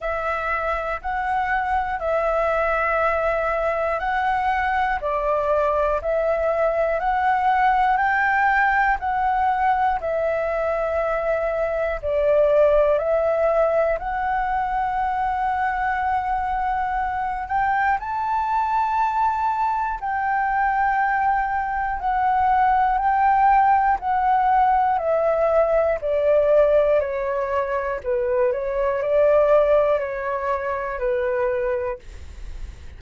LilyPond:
\new Staff \with { instrumentName = "flute" } { \time 4/4 \tempo 4 = 60 e''4 fis''4 e''2 | fis''4 d''4 e''4 fis''4 | g''4 fis''4 e''2 | d''4 e''4 fis''2~ |
fis''4. g''8 a''2 | g''2 fis''4 g''4 | fis''4 e''4 d''4 cis''4 | b'8 cis''8 d''4 cis''4 b'4 | }